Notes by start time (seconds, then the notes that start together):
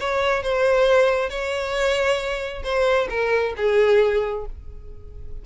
0.00 C#5
0.43 C5
1.29 C#5
2.64 C5
3.09 A#4
3.57 G#4